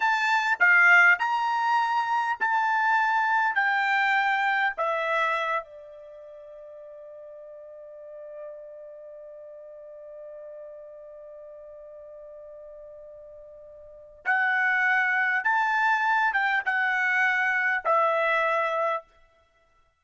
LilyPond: \new Staff \with { instrumentName = "trumpet" } { \time 4/4 \tempo 4 = 101 a''4 f''4 ais''2 | a''2 g''2 | e''4. d''2~ d''8~ | d''1~ |
d''1~ | d''1 | fis''2 a''4. g''8 | fis''2 e''2 | }